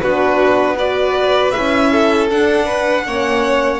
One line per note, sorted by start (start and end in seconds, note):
0.00 1.54 B3
0.00 0.77 D4
0.00 0.75 F#4
0.00 0.76 B4
0.75 1.53 F#4
0.75 1.89 B4
0.75 1.51 D5
1.51 2.30 C#4
1.51 2.29 E4
1.51 2.27 E5
1.92 2.65 A4
2.30 3.04 D4
2.30 3.06 D4
2.30 3.80 F#5
2.65 3.03 B4
3.04 3.80 A#3
3.04 3.80 C#4
3.04 3.80 C#5